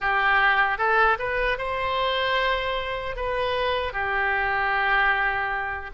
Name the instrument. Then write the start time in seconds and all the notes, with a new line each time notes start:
oboe
0.00 G4
0.78 A4
1.18 B4
1.58 C5
3.16 B4
3.93 G4